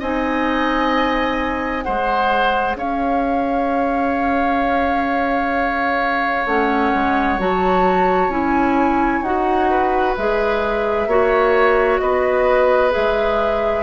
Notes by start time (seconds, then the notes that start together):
0.00 C4 D#4 D#5 G#5
1.83 G#3 G#4 C5 F#5
2.76 C#4 C#5 F5
6.46 A3 C#4 F#5
6.94 G#3
7.39 F#3 F#4 A5
8.29 C#4 E4 G#5
9.22 D#4 F#4 F#5
9.71 B4
10.17 G#3 G#4 E5
11.07 A#3 F#4 C#5
12.00 B3 B4 D#5
12.91 G#3 G#4 E5